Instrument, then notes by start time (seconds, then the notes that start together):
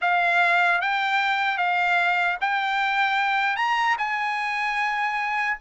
trumpet
0.01 F5
0.81 G5
1.57 F5
2.40 G5
3.56 A#5
3.98 G#5